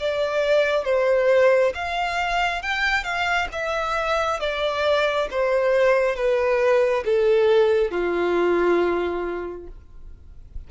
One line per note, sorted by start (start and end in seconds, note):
0.00 0.85 D5
0.85 1.73 C5
1.75 2.63 F5
2.63 3.04 G5
3.04 3.49 F5
3.53 4.40 E5
4.40 5.29 D5
5.31 6.16 C5
6.16 7.04 B4
7.05 7.91 A4
7.91 9.68 F4